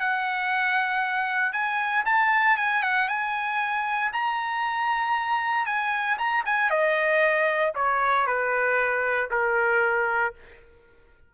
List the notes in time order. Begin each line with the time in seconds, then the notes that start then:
0.00 F#5
1.53 G#5
2.05 A5
2.57 G#5
2.83 F#5
3.08 G#5
4.13 A#5
5.66 G#5
6.18 A#5
6.45 G#5
6.70 D#5
7.75 C#5
8.27 B4
9.31 A#4